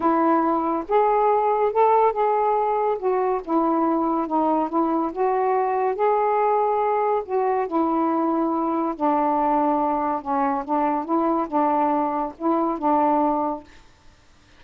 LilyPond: \new Staff \with { instrumentName = "saxophone" } { \time 4/4 \tempo 4 = 141 e'2 gis'2 | a'4 gis'2 fis'4 | e'2 dis'4 e'4 | fis'2 gis'2~ |
gis'4 fis'4 e'2~ | e'4 d'2. | cis'4 d'4 e'4 d'4~ | d'4 e'4 d'2 | }